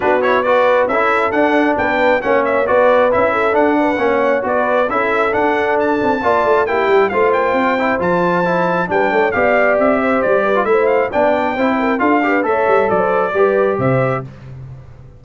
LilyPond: <<
  \new Staff \with { instrumentName = "trumpet" } { \time 4/4 \tempo 4 = 135 b'8 cis''8 d''4 e''4 fis''4 | g''4 fis''8 e''8 d''4 e''4 | fis''2 d''4 e''4 | fis''4 a''2 g''4 |
f''8 g''4. a''2 | g''4 f''4 e''4 d''4 | e''8 f''8 g''2 f''4 | e''4 d''2 e''4 | }
  \new Staff \with { instrumentName = "horn" } { \time 4/4 fis'4 b'4 a'2 | b'4 cis''4 b'4. a'8~ | a'8 b'8 cis''4 b'4 a'4~ | a'2 d''4 g'4 |
c''1 | b'8 cis''8 d''4. c''4 b'8 | c''4 d''4 c''8 ais'8 a'8 b'8 | cis''4 d''16 c''8. b'4 c''4 | }
  \new Staff \with { instrumentName = "trombone" } { \time 4/4 d'8 e'8 fis'4 e'4 d'4~ | d'4 cis'4 fis'4 e'4 | d'4 cis'4 fis'4 e'4 | d'2 f'4 e'4 |
f'4. e'8 f'4 e'4 | d'4 g'2~ g'8. f'16 | e'4 d'4 e'4 f'8 g'8 | a'2 g'2 | }
  \new Staff \with { instrumentName = "tuba" } { \time 4/4 b2 cis'4 d'4 | b4 ais4 b4 cis'4 | d'4 ais4 b4 cis'4 | d'4. c'8 ais8 a8 ais8 g8 |
a8 ais8 c'4 f2 | g8 a8 b4 c'4 g4 | a4 b4 c'4 d'4 | a8 g8 fis4 g4 c4 | }
>>